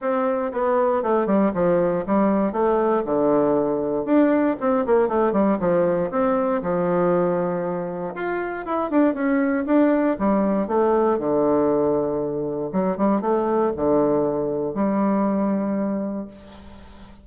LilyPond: \new Staff \with { instrumentName = "bassoon" } { \time 4/4 \tempo 4 = 118 c'4 b4 a8 g8 f4 | g4 a4 d2 | d'4 c'8 ais8 a8 g8 f4 | c'4 f2. |
f'4 e'8 d'8 cis'4 d'4 | g4 a4 d2~ | d4 fis8 g8 a4 d4~ | d4 g2. | }